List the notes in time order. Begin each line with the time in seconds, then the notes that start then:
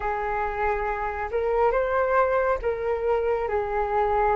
0.00 G#4
1.31 A#4
1.71 C5
2.62 A#4
3.48 G#4